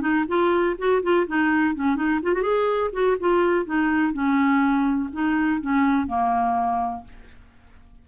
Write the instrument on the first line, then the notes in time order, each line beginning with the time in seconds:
clarinet
0.00 D#4
0.27 F4
0.78 F#4
1.02 F4
1.27 D#4
1.75 C#4
1.95 D#4
2.22 F4
2.33 F#4
2.42 G#4
2.92 F#4
3.19 F4
3.65 D#4
4.13 C#4
5.12 D#4
5.60 C#4
6.07 A#3